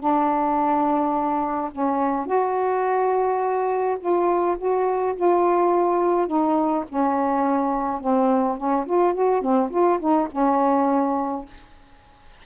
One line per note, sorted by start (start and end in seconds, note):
0.00 1.71 D4
1.72 2.26 C#4
2.26 3.98 F#4
4.00 4.57 F4
4.58 5.16 F#4
5.16 6.28 F4
6.28 6.85 D#4
6.89 8.01 C#4
8.01 8.57 C4
8.57 8.86 C#4
8.86 9.15 F4
9.15 9.42 F#4
9.42 9.70 C4
9.71 9.99 F4
10.00 10.29 D#4
10.32 11.46 C#4